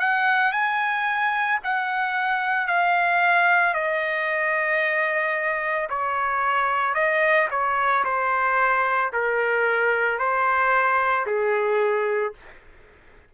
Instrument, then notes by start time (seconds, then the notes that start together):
trumpet
0.00 F#5
0.52 G#5
1.64 F#5
2.67 F5
3.74 D#5
5.90 C#5
6.94 D#5
7.51 C#5
8.05 C5
9.13 A#4
10.19 C5
11.26 G#4